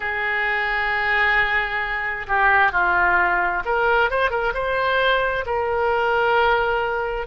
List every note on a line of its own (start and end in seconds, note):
0.00 2.26 G#4
2.27 2.72 G4
2.72 3.63 F4
3.65 4.10 A#4
4.10 4.30 C5
4.30 4.52 A#4
4.53 5.44 C5
5.45 7.26 A#4